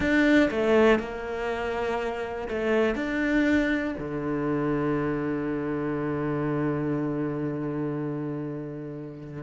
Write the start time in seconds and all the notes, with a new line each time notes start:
0.00 D4
0.50 A3
0.99 A#3
2.48 A3
2.95 D4
3.98 D3